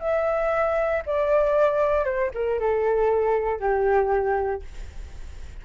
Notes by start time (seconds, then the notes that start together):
0.00 E5
1.06 D5
2.05 C5
2.34 A#4
2.59 A4
3.59 G4